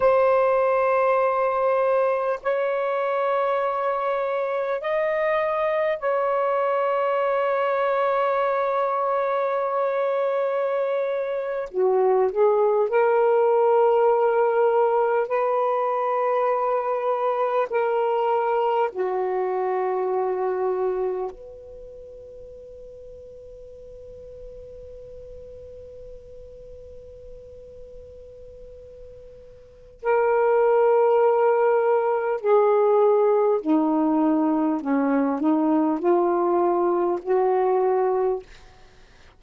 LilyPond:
\new Staff \with { instrumentName = "saxophone" } { \time 4/4 \tempo 4 = 50 c''2 cis''2 | dis''4 cis''2.~ | cis''4.~ cis''16 fis'8 gis'8 ais'4~ ais'16~ | ais'8. b'2 ais'4 fis'16~ |
fis'4.~ fis'16 b'2~ b'16~ | b'1~ | b'4 ais'2 gis'4 | dis'4 cis'8 dis'8 f'4 fis'4 | }